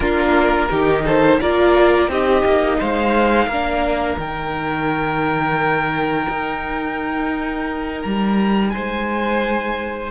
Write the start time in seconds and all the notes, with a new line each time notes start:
0.00 A#3 D4 F4 A#4
0.70 D#3 D#4 G4
1.04 A4 C5
1.40 A#3 F4 A#4 D5
2.08 C4 D#4 G4 D#5
2.45 A#3
2.78 G#3 C5 F5
3.47 A#3 D4 A#4
4.17 D#3 D#4 G5
6.28 D#4
8.02 G3 A#5
8.69 G#3 C5 G#5